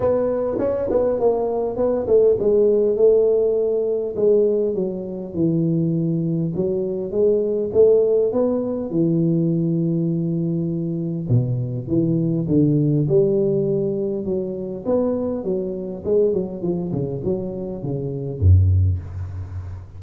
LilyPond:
\new Staff \with { instrumentName = "tuba" } { \time 4/4 \tempo 4 = 101 b4 cis'8 b8 ais4 b8 a8 | gis4 a2 gis4 | fis4 e2 fis4 | gis4 a4 b4 e4~ |
e2. b,4 | e4 d4 g2 | fis4 b4 fis4 gis8 fis8 | f8 cis8 fis4 cis4 fis,4 | }